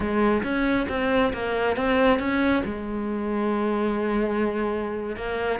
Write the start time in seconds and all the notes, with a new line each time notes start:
0.00 G#3
0.43 C#4
0.88 C4
1.33 A#3
1.76 C4
2.19 C#4
2.64 G#3
5.16 A#3